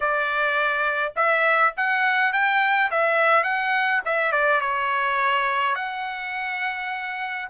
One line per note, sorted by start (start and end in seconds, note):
0.00 1.13 D5
1.16 1.73 E5
1.76 2.32 F#5
2.32 2.90 G5
2.90 3.43 E5
3.43 4.01 F#5
4.05 4.32 E5
4.32 4.60 D5
4.60 5.75 C#5
5.75 7.48 F#5